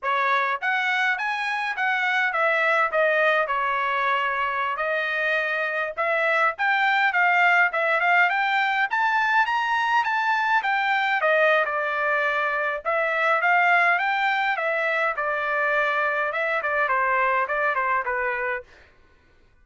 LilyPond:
\new Staff \with { instrumentName = "trumpet" } { \time 4/4 \tempo 4 = 103 cis''4 fis''4 gis''4 fis''4 | e''4 dis''4 cis''2~ | cis''16 dis''2 e''4 g''8.~ | g''16 f''4 e''8 f''8 g''4 a''8.~ |
a''16 ais''4 a''4 g''4 dis''8. | d''2 e''4 f''4 | g''4 e''4 d''2 | e''8 d''8 c''4 d''8 c''8 b'4 | }